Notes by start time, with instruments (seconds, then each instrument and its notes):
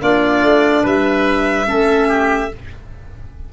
0.00 tuba A#3, clarinet D4, oboe F4, violin D5
0.42 tuba A3
0.83 tuba G3, oboe B4, violin E5
1.65 tuba A3, clarinet C#4, oboe A4
2.08 oboe G4